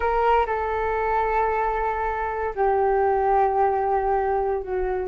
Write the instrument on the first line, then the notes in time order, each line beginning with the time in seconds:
flute
0.00 A#4
0.46 A4
2.55 G4
4.62 F#4